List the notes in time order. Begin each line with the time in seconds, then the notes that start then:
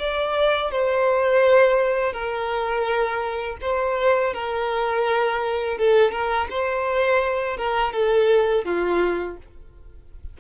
0.00 D5
0.72 C5
2.13 A#4
3.62 C5
4.34 A#4
5.78 A4
6.12 A#4
6.51 C5
7.58 A#4
7.94 A4
8.65 F4